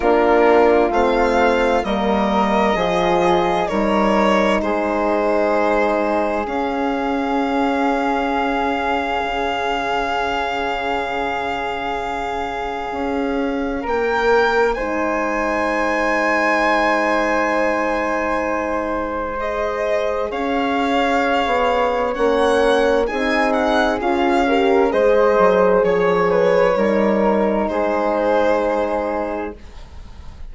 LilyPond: <<
  \new Staff \with { instrumentName = "violin" } { \time 4/4 \tempo 4 = 65 ais'4 f''4 dis''2 | cis''4 c''2 f''4~ | f''1~ | f''2. g''4 |
gis''1~ | gis''4 dis''4 f''2 | fis''4 gis''8 fis''8 f''4 dis''4 | cis''2 c''2 | }
  \new Staff \with { instrumentName = "flute" } { \time 4/4 f'2 ais'4 gis'4 | ais'4 gis'2.~ | gis'1~ | gis'2. ais'4 |
c''1~ | c''2 cis''2~ | cis''4 gis'4. ais'8 c''4 | cis''8 b'8 ais'4 gis'2 | }
  \new Staff \with { instrumentName = "horn" } { \time 4/4 d'4 c'4 ais4 f'4 | dis'2. cis'4~ | cis'1~ | cis'1 |
dis'1~ | dis'4 gis'2. | cis'4 dis'4 f'8 g'8 gis'4~ | gis'4 dis'2. | }
  \new Staff \with { instrumentName = "bassoon" } { \time 4/4 ais4 a4 g4 f4 | g4 gis2 cis'4~ | cis'2 cis2~ | cis2 cis'4 ais4 |
gis1~ | gis2 cis'4~ cis'16 b8. | ais4 c'4 cis'4 gis8 fis8 | f4 g4 gis2 | }
>>